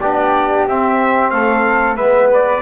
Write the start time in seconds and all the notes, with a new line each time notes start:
0.00 B3 D4 G4 D5
0.67 C4 E5
1.30 A3 A4 F5
1.96 G#3 B3 B4 E5
2.33 D5